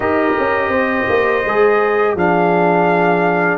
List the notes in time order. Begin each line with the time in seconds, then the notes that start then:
0.00 D#4 G4 A#4 D#5
0.39 C#4
0.68 C4 C5
1.08 A#3
1.45 G#3 G#4
2.15 F3 D4 G#4 F5